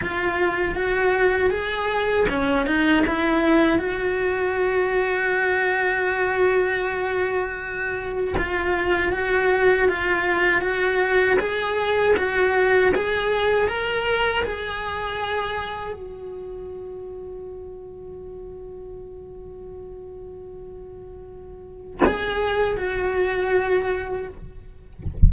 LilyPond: \new Staff \with { instrumentName = "cello" } { \time 4/4 \tempo 4 = 79 f'4 fis'4 gis'4 cis'8 dis'8 | e'4 fis'2.~ | fis'2. f'4 | fis'4 f'4 fis'4 gis'4 |
fis'4 gis'4 ais'4 gis'4~ | gis'4 fis'2.~ | fis'1~ | fis'4 gis'4 fis'2 | }